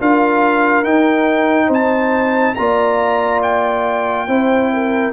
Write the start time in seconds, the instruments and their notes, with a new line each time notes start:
0.00 tuba D4, trombone F4, horn A#4, trumpet F5
0.84 tuba D#4, trombone D#4, trumpet G5
1.67 tuba C4, horn C5
1.74 trumpet A5
2.56 tuba A#3, trombone F4, horn D5, trumpet A#5
3.43 trumpet G5
4.28 tuba C4, trombone E4, horn C5
4.74 horn A#4